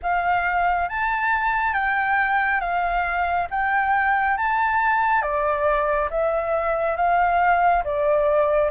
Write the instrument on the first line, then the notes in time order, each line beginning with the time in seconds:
flute
0.02 F5
0.89 A5
1.74 G5
2.60 F5
3.50 G5
4.37 A5
5.22 D5
6.10 E5
6.96 F5
7.83 D5